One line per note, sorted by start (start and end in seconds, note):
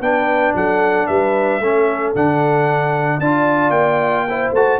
0.00 0.53 B3
0.00 1.61 D4
0.00 0.55 B4
0.00 0.54 G5
0.54 1.07 F#3
0.54 1.07 A4
0.54 1.06 F#5
1.06 1.59 G3
1.06 1.61 B4
1.06 2.12 E5
1.59 2.12 A3
1.59 2.15 C#4
1.59 3.20 A4
2.15 3.19 D3
2.15 3.21 D4
2.15 3.20 F#5
3.19 3.70 D4
3.19 4.28 F4
3.19 4.27 D5
3.19 3.71 A5
3.70 4.49 A#3
3.70 4.50 G5
4.28 4.55 E4
4.28 4.79 C5
4.52 4.78 A3
4.52 4.79 F#4
4.52 4.79 A5